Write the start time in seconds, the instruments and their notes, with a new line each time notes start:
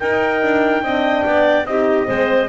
0.00 double bass D#4, horn D#4, clarinet A#4, trumpet G5
0.43 double bass D4
0.83 double bass C4, horn D4, clarinet D#5
1.26 double bass B3, clarinet D5
1.66 double bass C4, horn D#4, clarinet G4, trumpet D#5
2.07 double bass G#3, horn C4, clarinet C5